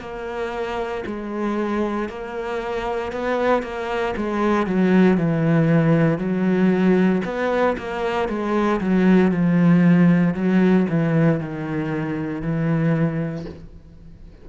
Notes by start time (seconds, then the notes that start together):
0.00 A#3
1.06 G#3
2.08 A#3
3.12 B3
3.62 A#3
4.16 G#3
4.66 F#3
5.17 E3
6.18 F#3
7.24 B3
7.77 A#3
8.28 G#3
8.80 F#3
9.31 F3
10.34 F#3
10.89 E3
11.40 D#3
12.41 E3